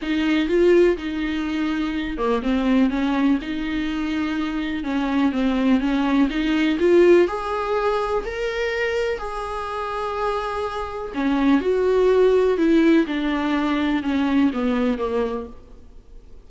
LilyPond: \new Staff \with { instrumentName = "viola" } { \time 4/4 \tempo 4 = 124 dis'4 f'4 dis'2~ | dis'8 ais8 c'4 cis'4 dis'4~ | dis'2 cis'4 c'4 | cis'4 dis'4 f'4 gis'4~ |
gis'4 ais'2 gis'4~ | gis'2. cis'4 | fis'2 e'4 d'4~ | d'4 cis'4 b4 ais4 | }